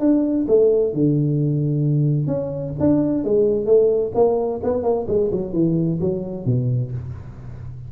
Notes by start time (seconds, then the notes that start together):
0.00 D4
0.48 A3
0.94 D3
2.27 C#4
2.80 D4
3.24 G#3
3.66 A3
4.15 A#3
4.64 B3
4.83 A#3
5.08 G#3
5.32 F#3
5.53 E3
6.01 F#3
6.46 B2